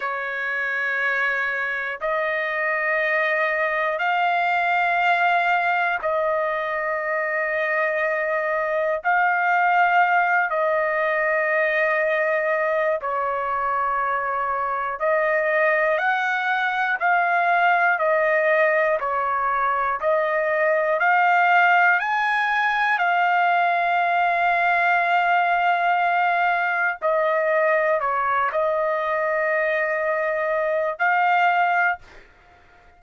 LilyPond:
\new Staff \with { instrumentName = "trumpet" } { \time 4/4 \tempo 4 = 60 cis''2 dis''2 | f''2 dis''2~ | dis''4 f''4. dis''4.~ | dis''4 cis''2 dis''4 |
fis''4 f''4 dis''4 cis''4 | dis''4 f''4 gis''4 f''4~ | f''2. dis''4 | cis''8 dis''2~ dis''8 f''4 | }